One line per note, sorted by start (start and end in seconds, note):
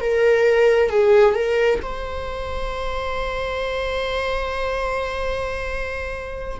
0.00 0.89 A#4
0.89 1.34 G#4
1.34 1.79 A#4
1.82 6.59 C5